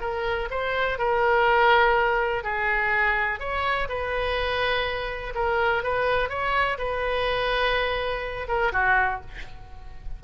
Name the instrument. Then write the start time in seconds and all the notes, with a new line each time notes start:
oboe
0.00 A#4
0.50 C5
0.98 A#4
2.43 G#4
3.39 C#5
3.88 B4
5.34 A#4
5.83 B4
6.29 C#5
6.77 B4
8.47 A#4
8.72 F#4